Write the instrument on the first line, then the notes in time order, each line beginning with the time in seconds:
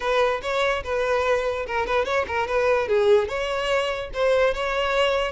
violin
0.00 B4
0.42 C#5
0.83 B4
1.66 A#4
1.86 B4
2.05 C#5
2.27 A#4
2.47 B4
2.87 G#4
3.28 C#5
4.13 C5
4.54 C#5